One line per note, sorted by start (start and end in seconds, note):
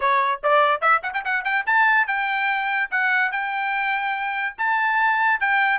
0.00 0.41 C#5
0.43 0.81 D5
0.81 1.01 E5
1.03 1.13 F#5
1.13 1.23 G5
1.24 1.44 F#5
1.44 1.65 G5
1.66 2.07 A5
2.07 2.89 G5
2.90 3.31 F#5
3.31 4.55 G5
4.57 5.40 A5
5.40 5.79 G5